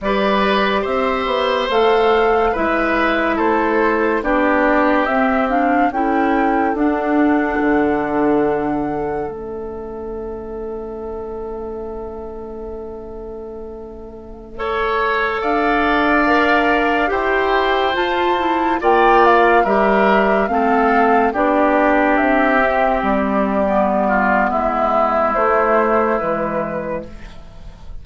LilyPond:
<<
  \new Staff \with { instrumentName = "flute" } { \time 4/4 \tempo 4 = 71 d''4 e''4 f''4 e''4 | c''4 d''4 e''8 f''8 g''4 | fis''2. e''4~ | e''1~ |
e''2~ e''16 f''4.~ f''16~ | f''16 g''4 a''4 g''8 f''8 e''8.~ | e''16 f''4 d''4 e''4 d''8.~ | d''4 e''4 c''4 b'4 | }
  \new Staff \with { instrumentName = "oboe" } { \time 4/4 b'4 c''2 b'4 | a'4 g'2 a'4~ | a'1~ | a'1~ |
a'4~ a'16 cis''4 d''4.~ d''16~ | d''16 c''2 d''4 ais'8.~ | ais'16 a'4 g'2~ g'8.~ | g'8 f'8 e'2. | }
  \new Staff \with { instrumentName = "clarinet" } { \time 4/4 g'2 a'4 e'4~ | e'4 d'4 c'8 d'8 e'4 | d'2. cis'4~ | cis'1~ |
cis'4~ cis'16 a'2 ais'8.~ | ais'16 g'4 f'8 e'8 f'4 g'8.~ | g'16 c'4 d'4. c'4~ c'16 | b2 a4 gis4 | }
  \new Staff \with { instrumentName = "bassoon" } { \time 4/4 g4 c'8 b8 a4 gis4 | a4 b4 c'4 cis'4 | d'4 d2 a4~ | a1~ |
a2~ a16 d'4.~ d'16~ | d'16 e'4 f'4 ais4 g8.~ | g16 a4 b4 c'4 g8.~ | g4 gis4 a4 e4 | }
>>